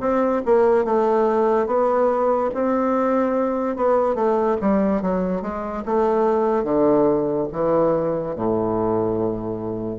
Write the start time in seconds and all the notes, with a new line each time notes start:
0.00 C4
0.45 A#3
0.85 A3
1.67 B3
2.54 C4
3.76 B3
4.15 A3
4.61 G3
5.02 F#3
5.42 G#3
5.86 A3
6.64 D3
7.52 E3
8.36 A2